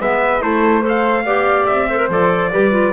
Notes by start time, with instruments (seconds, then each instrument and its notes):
0.00 double bass G#3, clarinet B3, flute B4, trumpet E5
0.40 double bass A3, clarinet E4, flute A4, trumpet C5
0.81 clarinet A4, flute C5
0.88 trumpet F5
1.25 double bass B3, clarinet G4, flute D5
1.66 double bass C4, trumpet E5
1.88 clarinet A4, flute C5
1.98 clarinet A#4
2.09 double bass F3, clarinet A4, trumpet D5
2.51 double bass G3, clarinet G4, flute B4
2.71 clarinet F4